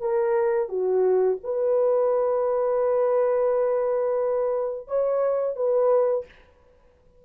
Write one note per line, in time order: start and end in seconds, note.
0.00 0.69 A#4
0.69 1.38 F#4
1.43 4.87 B4
4.87 5.56 C#5
5.56 6.25 B4